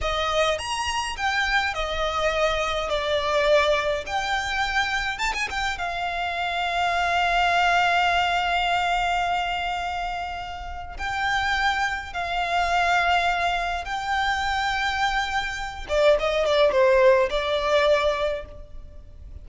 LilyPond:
\new Staff \with { instrumentName = "violin" } { \time 4/4 \tempo 4 = 104 dis''4 ais''4 g''4 dis''4~ | dis''4 d''2 g''4~ | g''4 a''16 gis''16 g''8 f''2~ | f''1~ |
f''2. g''4~ | g''4 f''2. | g''2.~ g''8 d''8 | dis''8 d''8 c''4 d''2 | }